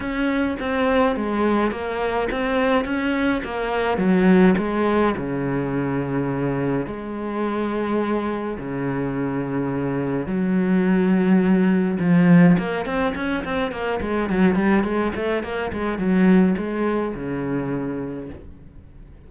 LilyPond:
\new Staff \with { instrumentName = "cello" } { \time 4/4 \tempo 4 = 105 cis'4 c'4 gis4 ais4 | c'4 cis'4 ais4 fis4 | gis4 cis2. | gis2. cis4~ |
cis2 fis2~ | fis4 f4 ais8 c'8 cis'8 c'8 | ais8 gis8 fis8 g8 gis8 a8 ais8 gis8 | fis4 gis4 cis2 | }